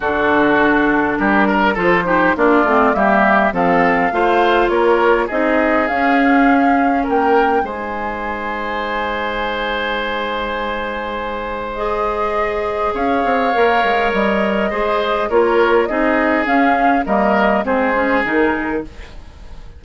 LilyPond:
<<
  \new Staff \with { instrumentName = "flute" } { \time 4/4 \tempo 4 = 102 a'2 ais'4 c''4 | d''4 e''4 f''2 | cis''4 dis''4 f''2 | g''4 gis''2.~ |
gis''1 | dis''2 f''2 | dis''2 cis''4 dis''4 | f''4 dis''4 c''4 ais'4 | }
  \new Staff \with { instrumentName = "oboe" } { \time 4/4 fis'2 g'8 ais'8 a'8 g'8 | f'4 g'4 a'4 c''4 | ais'4 gis'2. | ais'4 c''2.~ |
c''1~ | c''2 cis''2~ | cis''4 c''4 ais'4 gis'4~ | gis'4 ais'4 gis'2 | }
  \new Staff \with { instrumentName = "clarinet" } { \time 4/4 d'2. f'8 dis'8 | d'8 c'8 ais4 c'4 f'4~ | f'4 dis'4 cis'2~ | cis'4 dis'2.~ |
dis'1 | gis'2. ais'4~ | ais'4 gis'4 f'4 dis'4 | cis'4 ais4 c'8 cis'8 dis'4 | }
  \new Staff \with { instrumentName = "bassoon" } { \time 4/4 d2 g4 f4 | ais8 a8 g4 f4 a4 | ais4 c'4 cis'2 | ais4 gis2.~ |
gis1~ | gis2 cis'8 c'8 ais8 gis8 | g4 gis4 ais4 c'4 | cis'4 g4 gis4 dis4 | }
>>